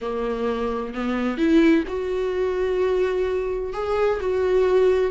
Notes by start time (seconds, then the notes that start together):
0.01 A#3
0.94 B3
1.37 E4
1.87 F#4
3.73 G#4
4.20 F#4